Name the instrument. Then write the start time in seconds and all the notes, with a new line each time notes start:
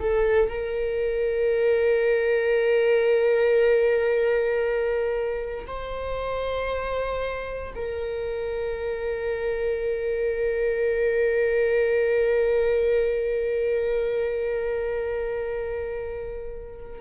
viola
0.00 A4
0.49 A#4
5.67 C5
7.75 A#4